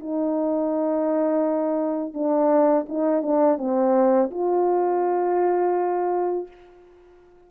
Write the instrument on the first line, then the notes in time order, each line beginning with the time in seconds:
horn
0.00 D#4
2.14 D4
2.89 D#4
3.23 D4
3.58 C4
4.31 F4